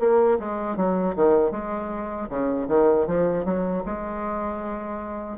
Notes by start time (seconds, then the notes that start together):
0.00 A#3
0.40 G#3
0.77 F#3
1.16 D#3
1.52 G#3
2.29 C#3
2.69 D#3
3.07 F3
3.45 F#3
3.86 G#3